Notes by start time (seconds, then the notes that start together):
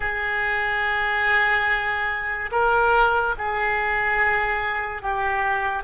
0.00 G#4
2.51 A#4
3.37 G#4
5.02 G4